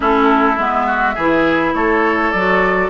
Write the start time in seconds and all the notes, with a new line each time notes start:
0.00 A3 C#4 E4 A4
0.58 G#3 B3 E5
0.86 F#4
1.14 E3 E4 G#4
1.73 A3 A4 C#5
2.31 F#3 F#4 D5